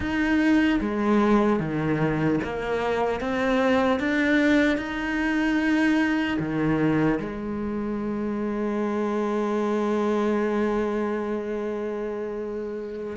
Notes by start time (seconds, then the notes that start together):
0.00 D#4
0.80 G#3
1.59 D#3
2.43 A#3
3.20 C4
3.99 D4
4.77 D#4
6.39 D#3
7.19 G#3